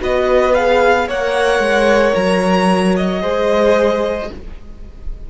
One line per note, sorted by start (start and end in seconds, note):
0.00 1.09 B3
0.00 0.54 F#4
0.00 1.08 B4
0.00 0.54 D#5
0.54 1.08 G#4
0.54 1.08 F5
1.08 1.60 A#3
1.08 3.21 A#4
1.08 3.22 C#5
1.08 2.15 F#5
1.60 2.13 G#3
2.15 3.23 F#3
2.15 2.96 A#5
2.97 4.31 D#5
3.21 4.30 G#3
3.21 4.29 G#4
3.21 4.29 C5